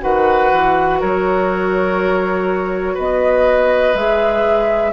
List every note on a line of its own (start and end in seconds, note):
0.00 0.52 D#3
0.00 3.93 F#4
0.00 1.00 B4
0.00 1.00 F#5
0.52 1.01 E3
1.00 2.98 F#3
1.00 2.94 A#4
1.00 2.98 C#5
2.94 3.94 B3
2.94 4.91 B4
2.94 3.96 D#5
3.94 4.92 G#3
3.94 4.92 G#4
3.94 4.92 E5